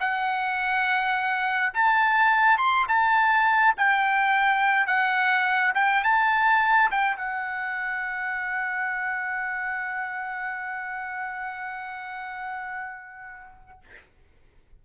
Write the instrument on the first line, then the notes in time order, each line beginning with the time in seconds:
trumpet
0.00 F#5
1.74 A5
2.58 C6
2.88 A5
3.77 G5
4.87 F#5
5.75 G5
6.04 A5
6.91 G5
7.17 F#5